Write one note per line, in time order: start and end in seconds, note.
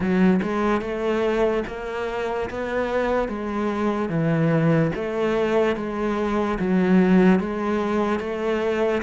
0.00 0.40 F#3
0.42 0.81 G#3
0.81 1.63 A3
1.67 2.49 A#3
2.50 3.28 B3
3.28 4.09 G#3
4.09 4.91 E3
4.95 5.76 A3
5.76 6.58 G#3
6.59 7.39 F#3
7.39 8.19 G#3
8.19 9.01 A3